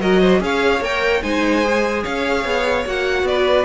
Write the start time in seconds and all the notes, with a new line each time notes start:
0.00 F#3 F#4 A#4 D#5
0.21 C5
0.41 C#4 G#4 C#5 F5
0.81 A#3 A#4 G5
1.23 G#3 D#4 C5 G#5
1.64 G#4
2.04 C#4 C#5 F5
2.45 B3
2.86 A#3 F#4 F#5
3.24 B3 B4 D5